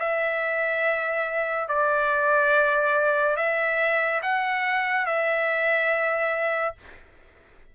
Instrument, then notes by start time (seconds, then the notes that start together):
trumpet
0.00 E5
1.69 D5
3.37 E5
4.23 F#5
5.06 E5